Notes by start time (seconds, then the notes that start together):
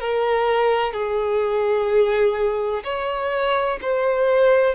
0.00 A#4
0.93 G#4
2.84 C#5
3.82 C5